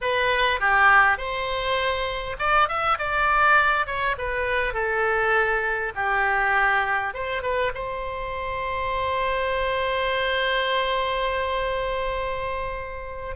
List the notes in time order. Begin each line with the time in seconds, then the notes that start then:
0.01 B4
0.60 G4
1.17 C5
2.38 D5
2.68 E5
2.98 D5
3.86 C#5
4.17 B4
4.73 A4
5.95 G4
7.14 C5
7.42 B4
7.74 C5